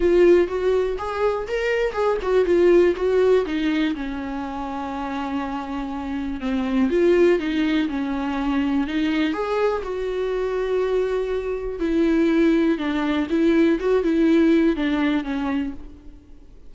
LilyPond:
\new Staff \with { instrumentName = "viola" } { \time 4/4 \tempo 4 = 122 f'4 fis'4 gis'4 ais'4 | gis'8 fis'8 f'4 fis'4 dis'4 | cis'1~ | cis'4 c'4 f'4 dis'4 |
cis'2 dis'4 gis'4 | fis'1 | e'2 d'4 e'4 | fis'8 e'4. d'4 cis'4 | }